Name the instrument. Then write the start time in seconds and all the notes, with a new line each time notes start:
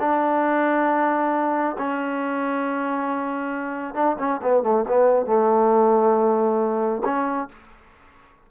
trombone
0.00 D4
1.78 C#4
3.94 D4
4.19 C#4
4.43 B3
4.63 A3
4.88 B3
5.26 A3
7.05 C#4